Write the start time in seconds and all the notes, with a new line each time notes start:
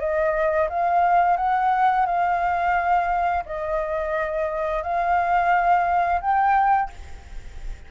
0.00 D#5
0.69 F5
1.37 F#5
2.07 F5
3.46 D#5
4.83 F5
6.21 G5